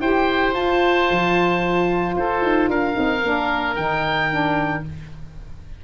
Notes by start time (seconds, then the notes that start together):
0.00 E4 G4 C5 G5
0.52 F4 A5
1.10 F3
2.16 F4 A4 C5
2.42 D#4
2.69 D4 A#4 F5
2.93 C4 D#4
3.23 A#3 D4
3.75 D#3 D#4 G5
4.30 D4